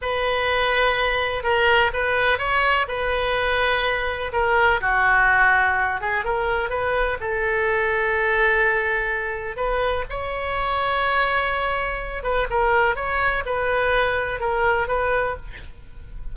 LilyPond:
\new Staff \with { instrumentName = "oboe" } { \time 4/4 \tempo 4 = 125 b'2. ais'4 | b'4 cis''4 b'2~ | b'4 ais'4 fis'2~ | fis'8 gis'8 ais'4 b'4 a'4~ |
a'1 | b'4 cis''2.~ | cis''4. b'8 ais'4 cis''4 | b'2 ais'4 b'4 | }